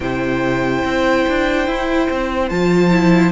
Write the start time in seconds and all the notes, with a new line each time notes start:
0.00 C3 E4 C5 G5
0.84 C4
1.28 D4
1.67 E4
2.10 C4
2.49 F3 F4 A5
2.91 E4